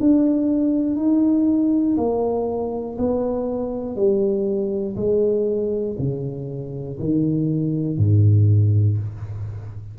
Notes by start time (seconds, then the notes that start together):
0.00 D4
0.96 D#4
1.97 A#3
2.99 B3
3.96 G3
4.96 G#3
5.99 C#3
7.00 D#3
7.98 G#2